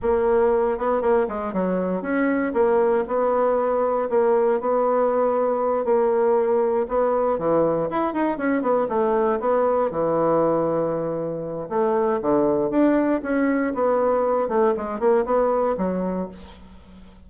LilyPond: \new Staff \with { instrumentName = "bassoon" } { \time 4/4 \tempo 4 = 118 ais4. b8 ais8 gis8 fis4 | cis'4 ais4 b2 | ais4 b2~ b8 ais8~ | ais4. b4 e4 e'8 |
dis'8 cis'8 b8 a4 b4 e8~ | e2. a4 | d4 d'4 cis'4 b4~ | b8 a8 gis8 ais8 b4 fis4 | }